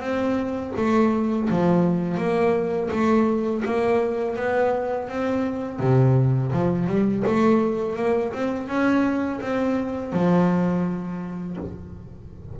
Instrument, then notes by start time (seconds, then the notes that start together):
double bass
0.00 C4
0.76 A3
1.50 F3
2.17 A#3
2.90 A3
3.65 A#3
4.36 B3
5.08 C4
5.79 C3
6.52 F3
6.87 G3
7.26 A3
7.96 A#3
8.33 C4
8.67 C#4
9.40 C4
10.12 F3